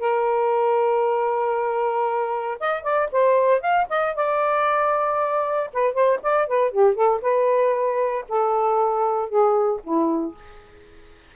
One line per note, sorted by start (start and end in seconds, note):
0.00 2.59 A#4
2.60 2.84 D#5
2.84 3.09 D5
3.12 3.61 C5
3.61 3.87 F5
3.90 4.16 D#5
4.16 5.71 D5
5.73 5.94 B4
5.94 6.20 C5
6.23 6.48 D5
6.48 6.72 B4
6.72 6.95 G4
6.95 7.21 A4
7.22 8.25 B4
8.29 9.29 A4
9.29 9.81 G#4
9.84 10.35 E4